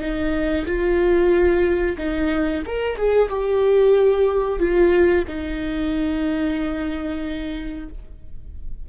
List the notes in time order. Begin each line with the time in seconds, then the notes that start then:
0.00 D#4
0.66 F4
1.97 D#4
2.66 A#4
2.96 G#4
3.29 G4
4.59 F4
5.27 D#4